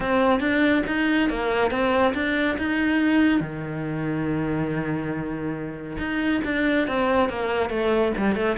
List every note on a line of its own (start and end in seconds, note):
0.00 0.40 C4
0.40 0.83 D4
0.86 1.29 D#4
1.29 1.70 A#3
1.70 2.13 C4
2.14 2.57 D4
2.58 3.40 D#4
3.40 5.97 D#3
5.98 6.41 D#4
6.44 6.87 D4
6.87 7.29 C4
7.29 7.69 A#3
7.69 8.12 A3
8.17 8.35 G3
8.35 8.56 A3